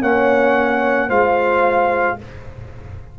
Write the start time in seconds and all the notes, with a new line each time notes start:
0.00 A#3 C#4 C#5 F#5
1.07 G#3 F4 C5 F5